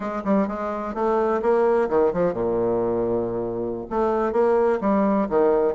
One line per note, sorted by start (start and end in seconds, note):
0.00 0.22 G#3
0.24 0.47 G3
0.47 0.94 G#3
0.94 1.41 A3
1.41 1.88 A#3
1.89 2.12 D#3
2.13 2.33 F3
2.33 3.85 A#2
3.89 4.32 A3
4.32 4.79 A#3
4.80 5.27 G3
5.29 5.74 D#3